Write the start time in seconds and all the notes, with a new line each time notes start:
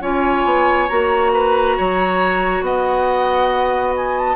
0.00 C#4 F4 C#5 G#5
0.44 B3
0.88 A#3 F#4 A#5
1.33 B4
1.77 F#3 C#5
2.61 B3 D#5 F#5
3.96 G#5
4.18 A5